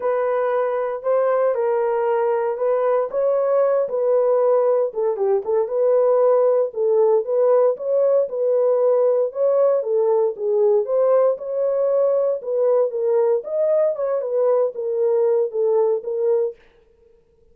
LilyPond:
\new Staff \with { instrumentName = "horn" } { \time 4/4 \tempo 4 = 116 b'2 c''4 ais'4~ | ais'4 b'4 cis''4. b'8~ | b'4. a'8 g'8 a'8 b'4~ | b'4 a'4 b'4 cis''4 |
b'2 cis''4 a'4 | gis'4 c''4 cis''2 | b'4 ais'4 dis''4 cis''8 b'8~ | b'8 ais'4. a'4 ais'4 | }